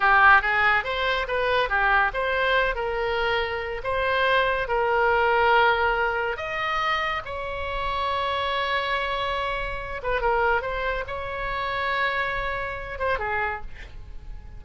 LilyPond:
\new Staff \with { instrumentName = "oboe" } { \time 4/4 \tempo 4 = 141 g'4 gis'4 c''4 b'4 | g'4 c''4. ais'4.~ | ais'4 c''2 ais'4~ | ais'2. dis''4~ |
dis''4 cis''2.~ | cis''2.~ cis''8 b'8 | ais'4 c''4 cis''2~ | cis''2~ cis''8 c''8 gis'4 | }